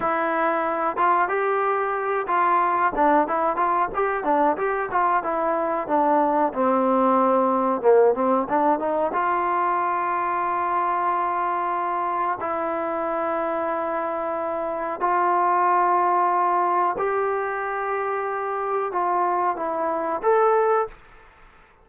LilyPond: \new Staff \with { instrumentName = "trombone" } { \time 4/4 \tempo 4 = 92 e'4. f'8 g'4. f'8~ | f'8 d'8 e'8 f'8 g'8 d'8 g'8 f'8 | e'4 d'4 c'2 | ais8 c'8 d'8 dis'8 f'2~ |
f'2. e'4~ | e'2. f'4~ | f'2 g'2~ | g'4 f'4 e'4 a'4 | }